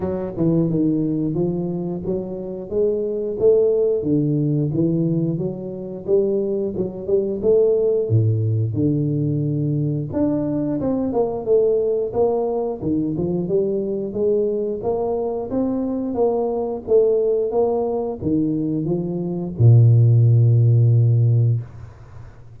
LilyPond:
\new Staff \with { instrumentName = "tuba" } { \time 4/4 \tempo 4 = 89 fis8 e8 dis4 f4 fis4 | gis4 a4 d4 e4 | fis4 g4 fis8 g8 a4 | a,4 d2 d'4 |
c'8 ais8 a4 ais4 dis8 f8 | g4 gis4 ais4 c'4 | ais4 a4 ais4 dis4 | f4 ais,2. | }